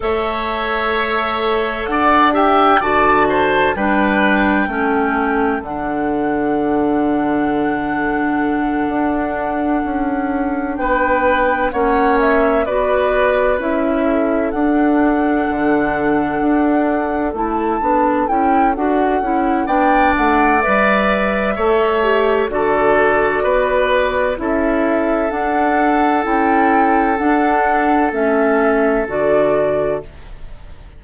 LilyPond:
<<
  \new Staff \with { instrumentName = "flute" } { \time 4/4 \tempo 4 = 64 e''2 fis''8 g''8 a''4 | g''2 fis''2~ | fis''2.~ fis''8 g''8~ | g''8 fis''8 e''8 d''4 e''4 fis''8~ |
fis''2~ fis''8 a''4 g''8 | fis''4 g''8 fis''8 e''2 | d''2 e''4 fis''4 | g''4 fis''4 e''4 d''4 | }
  \new Staff \with { instrumentName = "oboe" } { \time 4/4 cis''2 d''8 e''8 d''8 c''8 | b'4 a'2.~ | a'2.~ a'8 b'8~ | b'8 cis''4 b'4. a'4~ |
a'1~ | a'4 d''2 cis''4 | a'4 b'4 a'2~ | a'1 | }
  \new Staff \with { instrumentName = "clarinet" } { \time 4/4 a'2~ a'8 g'8 fis'4 | d'4 cis'4 d'2~ | d'1~ | d'8 cis'4 fis'4 e'4 d'8~ |
d'2~ d'8 e'8 d'8 e'8 | fis'8 e'8 d'4 b'4 a'8 g'8 | fis'2 e'4 d'4 | e'4 d'4 cis'4 fis'4 | }
  \new Staff \with { instrumentName = "bassoon" } { \time 4/4 a2 d'4 d4 | g4 a4 d2~ | d4. d'4 cis'4 b8~ | b8 ais4 b4 cis'4 d'8~ |
d'8 d4 d'4 a8 b8 cis'8 | d'8 cis'8 b8 a8 g4 a4 | d4 b4 cis'4 d'4 | cis'4 d'4 a4 d4 | }
>>